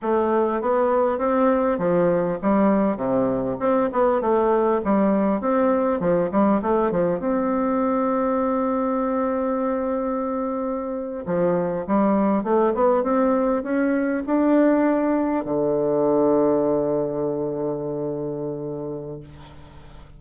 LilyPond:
\new Staff \with { instrumentName = "bassoon" } { \time 4/4 \tempo 4 = 100 a4 b4 c'4 f4 | g4 c4 c'8 b8 a4 | g4 c'4 f8 g8 a8 f8 | c'1~ |
c'2~ c'8. f4 g16~ | g8. a8 b8 c'4 cis'4 d'16~ | d'4.~ d'16 d2~ d16~ | d1 | }